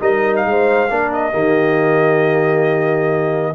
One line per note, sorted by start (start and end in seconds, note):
0.00 0.46 G3
0.00 0.89 D#4
0.00 0.45 A#4
0.00 0.35 D#5
0.36 1.12 F5
0.46 0.90 G#3
0.46 0.91 C5
0.90 1.34 A#3
0.90 1.32 D4
0.90 1.32 A#4
1.12 3.55 D#5
1.32 3.55 D#3
1.32 3.54 A#3
1.32 3.54 G4